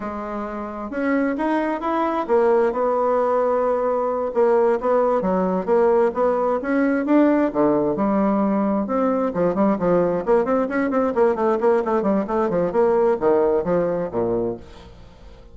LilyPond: \new Staff \with { instrumentName = "bassoon" } { \time 4/4 \tempo 4 = 132 gis2 cis'4 dis'4 | e'4 ais4 b2~ | b4. ais4 b4 fis8~ | fis8 ais4 b4 cis'4 d'8~ |
d'8 d4 g2 c'8~ | c'8 f8 g8 f4 ais8 c'8 cis'8 | c'8 ais8 a8 ais8 a8 g8 a8 f8 | ais4 dis4 f4 ais,4 | }